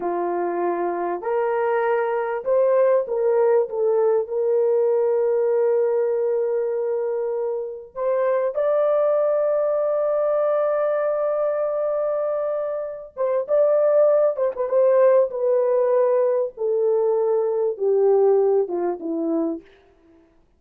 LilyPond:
\new Staff \with { instrumentName = "horn" } { \time 4/4 \tempo 4 = 98 f'2 ais'2 | c''4 ais'4 a'4 ais'4~ | ais'1~ | ais'4 c''4 d''2~ |
d''1~ | d''4. c''8 d''4. c''16 b'16 | c''4 b'2 a'4~ | a'4 g'4. f'8 e'4 | }